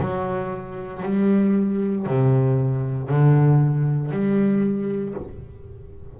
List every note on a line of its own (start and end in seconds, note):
0.00 1.03 F#3
1.03 2.06 G3
2.06 3.08 C3
3.08 4.11 D3
4.11 5.14 G3